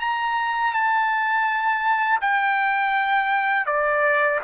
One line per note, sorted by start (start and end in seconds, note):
0.00 0.73 A#5
0.73 2.20 A5
2.21 3.66 G5
3.66 4.39 D5